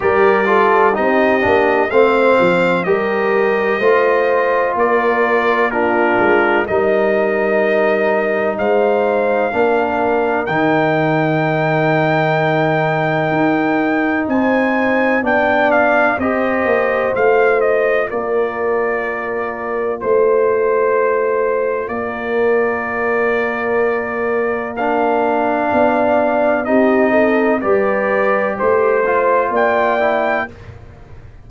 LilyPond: <<
  \new Staff \with { instrumentName = "trumpet" } { \time 4/4 \tempo 4 = 63 d''4 dis''4 f''4 dis''4~ | dis''4 d''4 ais'4 dis''4~ | dis''4 f''2 g''4~ | g''2. gis''4 |
g''8 f''8 dis''4 f''8 dis''8 d''4~ | d''4 c''2 d''4~ | d''2 f''2 | dis''4 d''4 c''4 g''4 | }
  \new Staff \with { instrumentName = "horn" } { \time 4/4 ais'8 a'8 g'4 c''4 ais'4 | c''4 ais'4 f'4 ais'4~ | ais'4 c''4 ais'2~ | ais'2. c''4 |
d''4 c''2 ais'4~ | ais'4 c''2 ais'4~ | ais'2. d''4 | g'8 a'8 b'4 c''4 d''4 | }
  \new Staff \with { instrumentName = "trombone" } { \time 4/4 g'8 f'8 dis'8 d'8 c'4 g'4 | f'2 d'4 dis'4~ | dis'2 d'4 dis'4~ | dis'1 |
d'4 g'4 f'2~ | f'1~ | f'2 d'2 | dis'4 g'4. f'4 e'8 | }
  \new Staff \with { instrumentName = "tuba" } { \time 4/4 g4 c'8 ais8 a8 f8 g4 | a4 ais4. gis8 g4~ | g4 gis4 ais4 dis4~ | dis2 dis'4 c'4 |
b4 c'8 ais8 a4 ais4~ | ais4 a2 ais4~ | ais2. b4 | c'4 g4 a4 ais4 | }
>>